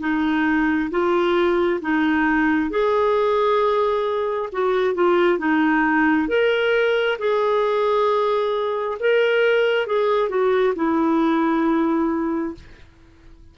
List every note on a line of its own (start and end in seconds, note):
0.00 0.90 D#4
0.91 1.80 F4
1.82 2.70 D#4
2.70 4.49 G#4
4.52 4.95 F#4
4.95 5.39 F4
5.39 6.28 D#4
6.28 7.18 A#4
7.18 8.98 G#4
9.00 9.86 A#4
9.86 10.29 G#4
10.29 10.74 F#4
10.75 12.55 E4